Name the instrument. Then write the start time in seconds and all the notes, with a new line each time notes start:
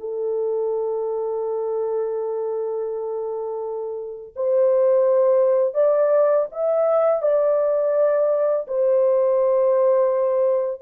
horn
0.00 A4
4.36 C5
5.75 D5
6.52 E5
7.23 D5
8.68 C5